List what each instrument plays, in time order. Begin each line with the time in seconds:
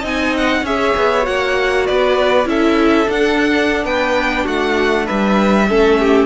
0.00 cello C4, viola D#4, violin D#5 G#5
0.37 violin F#5
0.62 cello C#4, viola G#4, violin C#5 E5
0.97 cello B3
1.22 cello A#3, viola F#4, violin F#5
1.86 cello B3, violin B4 D5
2.45 cello C#4, viola E4, violin A4 E5
3.06 viola D4, cello D4, violin F#5
3.85 cello B3, violin B4 G5
4.44 cello A3, violin F#4 F#5
5.06 cello G3, violin B4 E5
5.69 cello A3, viola C#4, violin A4
5.99 violin G4